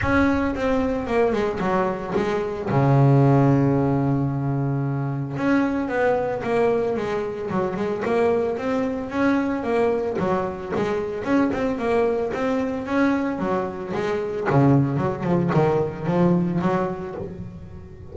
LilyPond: \new Staff \with { instrumentName = "double bass" } { \time 4/4 \tempo 4 = 112 cis'4 c'4 ais8 gis8 fis4 | gis4 cis2.~ | cis2 cis'4 b4 | ais4 gis4 fis8 gis8 ais4 |
c'4 cis'4 ais4 fis4 | gis4 cis'8 c'8 ais4 c'4 | cis'4 fis4 gis4 cis4 | fis8 f8 dis4 f4 fis4 | }